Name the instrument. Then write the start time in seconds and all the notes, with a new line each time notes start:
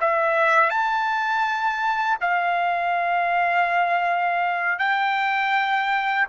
trumpet
0.00 E5
0.70 A5
2.21 F5
4.79 G5